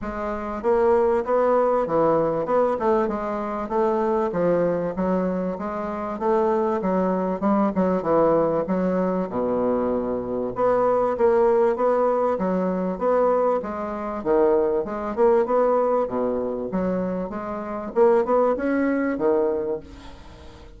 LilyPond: \new Staff \with { instrumentName = "bassoon" } { \time 4/4 \tempo 4 = 97 gis4 ais4 b4 e4 | b8 a8 gis4 a4 f4 | fis4 gis4 a4 fis4 | g8 fis8 e4 fis4 b,4~ |
b,4 b4 ais4 b4 | fis4 b4 gis4 dis4 | gis8 ais8 b4 b,4 fis4 | gis4 ais8 b8 cis'4 dis4 | }